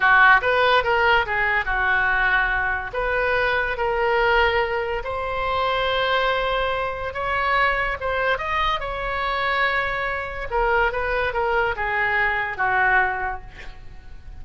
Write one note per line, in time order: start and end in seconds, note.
0.00 0.40 F#4
0.41 0.83 B4
0.83 1.25 A#4
1.25 1.65 G#4
1.65 2.91 F#4
2.93 3.77 B4
3.77 5.03 A#4
5.04 7.13 C5
7.13 7.97 C#5
8.00 8.37 C5
8.37 8.79 D#5
8.80 10.48 C#5
10.50 10.91 A#4
10.91 11.33 B4
11.33 11.75 A#4
11.76 12.57 G#4
12.57 13.41 F#4